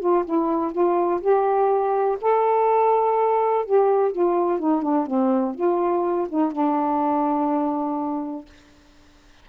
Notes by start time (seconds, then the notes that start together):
0.00 F4
0.25 E4
0.72 F4
1.21 G4
2.21 A4
3.65 G4
4.12 F4
4.59 D#4
4.82 D4
5.07 C4
5.55 F4
6.29 D#4
6.52 D4